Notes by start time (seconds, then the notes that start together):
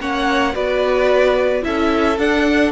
0.00 A#3 C#4 C#5 F#5
0.54 B3 F#4 B4 D5
1.62 C#4 E4 A4 E5
2.18 D4 F#5